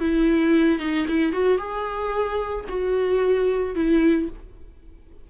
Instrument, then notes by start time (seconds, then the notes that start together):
viola
0.00 E4
0.79 D#4
1.08 E4
1.32 F#4
1.58 G#4
2.69 F#4
3.75 E4